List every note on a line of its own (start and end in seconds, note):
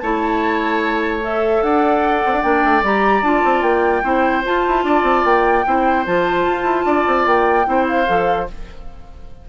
0.00 1.62 A3
0.00 1.22 E4
0.00 1.64 C#5
0.00 1.21 A5
1.22 2.42 A4
1.22 1.63 E5
1.62 2.23 D4
1.62 4.04 D5
1.62 2.43 F#5
2.26 2.33 C4
2.33 2.43 D4
2.42 2.64 A#3
2.42 2.83 D4
2.42 2.83 G5
2.65 2.83 A3
2.83 3.22 G3
2.83 3.24 G4
2.83 3.24 A#5
3.22 3.42 D4
3.22 4.03 F4
3.22 3.63 A5
3.45 3.63 C4
3.63 4.03 A#3
3.63 4.44 G5
4.03 4.44 C4
4.03 4.44 E4
4.03 4.85 C5
4.44 5.65 F4
4.44 4.66 F4
4.44 5.26 A5
4.68 4.84 E4
4.84 5.03 D4
4.84 5.66 D5
5.03 5.23 C4
5.25 5.65 A#3
5.25 6.06 G5
5.66 6.07 C4
5.66 6.06 E4
5.66 6.86 C5
6.06 6.47 F3
6.06 7.65 F4
6.06 7.27 A5
6.47 6.63 F4
6.63 6.84 E4
6.86 7.06 D4
6.86 7.67 D5
7.07 7.27 C4
7.27 7.67 A#3
7.27 7.88 G5
7.65 8.08 C4
7.65 8.06 E4
7.65 8.49 C5
7.88 8.49 F5
8.07 8.49 F3
8.07 8.47 A4